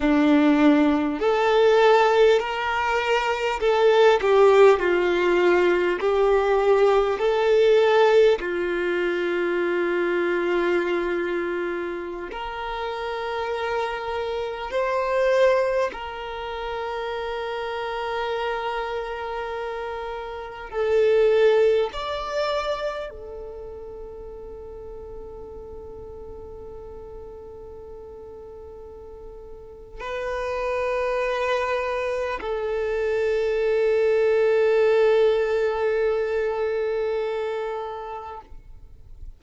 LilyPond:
\new Staff \with { instrumentName = "violin" } { \time 4/4 \tempo 4 = 50 d'4 a'4 ais'4 a'8 g'8 | f'4 g'4 a'4 f'4~ | f'2~ f'16 ais'4.~ ais'16~ | ais'16 c''4 ais'2~ ais'8.~ |
ais'4~ ais'16 a'4 d''4 a'8.~ | a'1~ | a'4 b'2 a'4~ | a'1 | }